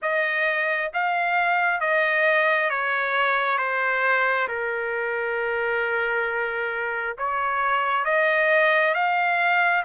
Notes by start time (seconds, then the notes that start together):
0.02 D#5
0.93 F5
1.80 D#5
2.70 C#5
3.57 C5
4.48 A#4
7.18 C#5
8.04 D#5
8.94 F5